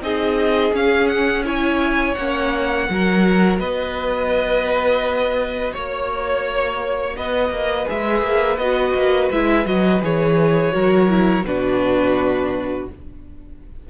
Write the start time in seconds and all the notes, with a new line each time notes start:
0.00 C4 D#4 G#4 D#5
0.72 C#4 F5
1.07 F#5
1.44 E4 C#5 G#5
2.14 A#3 C#4 F#5
2.88 F#3 F#4 A#4
3.59 B3 B4 D#5
5.72 A#3 C#5
7.16 B3 B4 D#5
7.50 A#3
7.86 G#3 G#4 E5
8.22 A#3
8.57 B3 F#4 D#5
8.94 A#3
9.30 G#3 E4 E5
9.64 F#3 F#4 D#5
10.02 E3 G#4 C#5
10.72 F#3 F#4 A#4
11.08 E4
11.43 B2 D4 F#4 B4